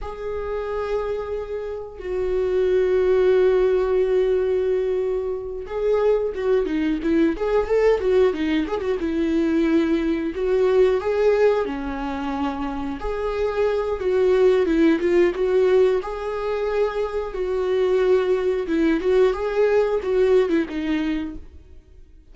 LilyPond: \new Staff \with { instrumentName = "viola" } { \time 4/4 \tempo 4 = 90 gis'2. fis'4~ | fis'1~ | fis'8 gis'4 fis'8 dis'8 e'8 gis'8 a'8 | fis'8 dis'8 gis'16 fis'16 e'2 fis'8~ |
fis'8 gis'4 cis'2 gis'8~ | gis'4 fis'4 e'8 f'8 fis'4 | gis'2 fis'2 | e'8 fis'8 gis'4 fis'8. e'16 dis'4 | }